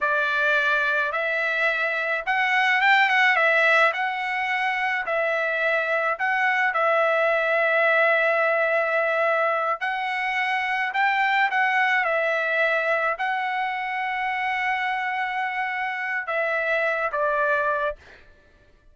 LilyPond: \new Staff \with { instrumentName = "trumpet" } { \time 4/4 \tempo 4 = 107 d''2 e''2 | fis''4 g''8 fis''8 e''4 fis''4~ | fis''4 e''2 fis''4 | e''1~ |
e''4. fis''2 g''8~ | g''8 fis''4 e''2 fis''8~ | fis''1~ | fis''4 e''4. d''4. | }